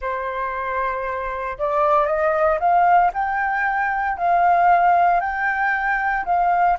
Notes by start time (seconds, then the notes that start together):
0.01 C5
1.58 D5
2.06 D#5
2.59 F5
3.13 G5
4.17 F5
5.20 G5
6.25 F5